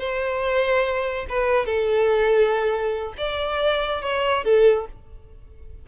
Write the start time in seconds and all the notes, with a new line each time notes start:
0.00 C5
1.29 B4
1.66 A4
3.18 D5
4.02 C#5
4.44 A4